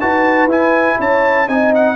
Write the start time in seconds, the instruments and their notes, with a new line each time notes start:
0.00 tuba D#4, trombone F#4, horn B4, trumpet A5
0.46 tuba E4, trombone E4, trumpet G#5
0.99 tuba C#4, horn C#5, trumpet A5
1.48 tuba C4, trombone D#4, horn D#5, trumpet G#5
1.75 trumpet F#5